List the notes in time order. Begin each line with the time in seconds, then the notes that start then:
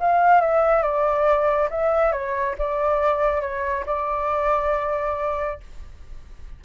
0.00 F5
0.41 E5
0.82 D5
1.70 E5
2.12 C#5
2.58 D5
3.41 C#5
3.86 D5